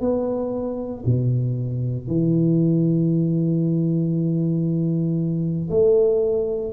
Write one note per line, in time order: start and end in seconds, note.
0.00 1.03 B3
1.05 2.07 B2
2.07 5.69 E3
5.70 6.73 A3